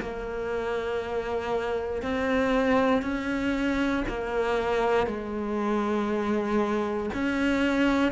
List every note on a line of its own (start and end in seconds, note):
0.00 2.02 A#3
2.02 3.02 C4
3.02 4.04 C#4
4.08 5.06 A#3
5.06 7.10 G#3
7.14 8.12 C#4